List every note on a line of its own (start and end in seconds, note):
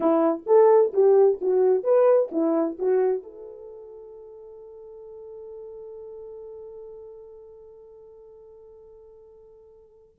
0.00 0.44 E4
0.46 0.92 A4
0.93 1.39 G4
1.41 1.83 F#4
1.83 2.29 B4
2.31 2.78 E4
2.78 3.22 F#4
3.22 10.15 A4